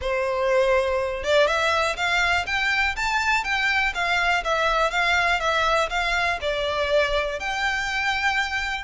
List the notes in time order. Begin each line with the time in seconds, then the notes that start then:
0.01 C5
1.23 D5
1.47 E5
1.96 F5
2.46 G5
2.96 A5
3.44 G5
3.94 F5
4.44 E5
4.90 F5
5.40 E5
5.89 F5
6.41 D5
7.39 G5